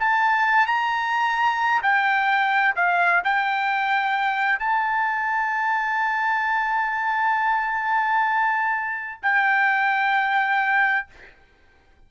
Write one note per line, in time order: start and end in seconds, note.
0.00 0.67 A5
0.67 1.82 A#5
1.83 2.75 G5
2.77 3.23 F5
3.25 4.59 G5
4.59 9.21 A5
9.23 11.08 G5